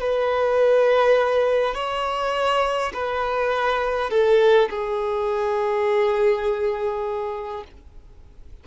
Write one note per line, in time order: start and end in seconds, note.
0.00 1.75 B4
1.75 2.93 C#5
2.94 4.10 B4
4.10 4.69 A4
4.70 7.64 G#4